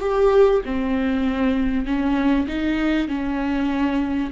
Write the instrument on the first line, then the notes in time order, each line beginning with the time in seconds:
viola
0.00 G4
0.65 C4
1.86 C#4
2.48 D#4
3.08 C#4